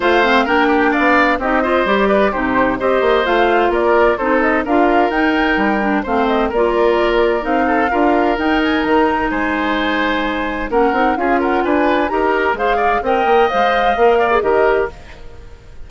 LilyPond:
<<
  \new Staff \with { instrumentName = "flute" } { \time 4/4 \tempo 4 = 129 f''4 g''4 f''4 dis''4 | d''4 c''4 dis''4 f''4 | d''4 c''8 dis''8 f''4 g''4~ | g''4 f''8 dis''8 d''2 |
f''2 g''8 gis''8 ais''4 | gis''2. fis''4 | f''8 fis''8 gis''4 ais''4 f''4 | g''4 f''2 dis''4 | }
  \new Staff \with { instrumentName = "oboe" } { \time 4/4 c''4 ais'8 g'8 d''4 g'8 c''8~ | c''8 b'8 g'4 c''2 | ais'4 a'4 ais'2~ | ais'4 c''4 ais'2~ |
ais'8 a'8 ais'2. | c''2. ais'4 | gis'8 ais'8 b'4 ais'4 c''8 d''8 | dis''2~ dis''8 d''8 ais'4 | }
  \new Staff \with { instrumentName = "clarinet" } { \time 4/4 f'8 c'8 d'2 dis'8 f'8 | g'4 dis'4 g'4 f'4~ | f'4 dis'4 f'4 dis'4~ | dis'8 d'8 c'4 f'2 |
dis'4 f'4 dis'2~ | dis'2. cis'8 dis'8 | f'2 g'4 gis'4 | ais'4 c''4 ais'8. gis'16 g'4 | }
  \new Staff \with { instrumentName = "bassoon" } { \time 4/4 a4 ais4 b4 c'4 | g4 c4 c'8 ais8 a4 | ais4 c'4 d'4 dis'4 | g4 a4 ais2 |
c'4 d'4 dis'4 dis4 | gis2. ais8 c'8 | cis'4 d'4 dis'4 gis4 | c'8 ais8 gis4 ais4 dis4 | }
>>